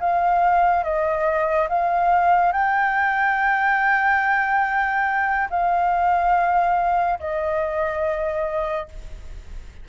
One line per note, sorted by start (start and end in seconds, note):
0.00 0.83 F5
0.83 1.68 D#5
1.69 2.52 F5
2.52 5.48 G5
5.50 7.19 F5
7.19 8.88 D#5